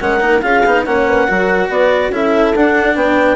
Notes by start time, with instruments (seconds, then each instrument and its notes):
0.00 bassoon G#3, cello C#4, horn A#4, clarinet F#5
0.20 bassoon A#3, cello D#4
0.41 bassoon C#4, cello F4, horn G#4, clarinet F5
0.66 bassoon B3, cello D#4
0.85 bassoon A#3, cello C#4, horn C#5, clarinet F#5
1.07 horn B4
1.27 bassoon F#3, cello F#4, horn A#4
1.69 bassoon B3, horn B4, clarinet D5
2.10 bassoon C#4, cello E4, horn A4, clarinet E5
2.56 bassoon D4, cello D4, clarinet F#5
2.95 bassoon B3, horn B4, clarinet G5